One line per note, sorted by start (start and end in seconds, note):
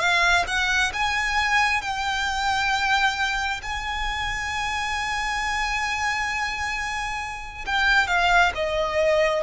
0.00 0.45 F5
0.47 0.92 F#5
0.94 1.82 G#5
1.82 3.61 G5
3.63 7.66 G#5
7.66 8.08 G5
8.08 8.52 F5
8.55 9.44 D#5